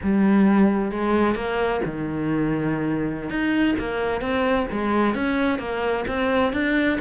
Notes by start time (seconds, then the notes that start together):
0.02 G3
0.91 G#3
1.35 A#3
1.85 D#3
3.29 D#4
3.78 A#3
4.21 C4
4.71 G#3
5.14 C#4
5.59 A#3
6.07 C4
6.52 D4